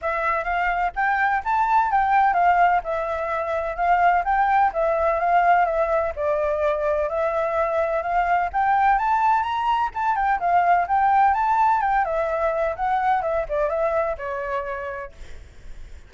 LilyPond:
\new Staff \with { instrumentName = "flute" } { \time 4/4 \tempo 4 = 127 e''4 f''4 g''4 a''4 | g''4 f''4 e''2 | f''4 g''4 e''4 f''4 | e''4 d''2 e''4~ |
e''4 f''4 g''4 a''4 | ais''4 a''8 g''8 f''4 g''4 | a''4 g''8 e''4. fis''4 | e''8 d''8 e''4 cis''2 | }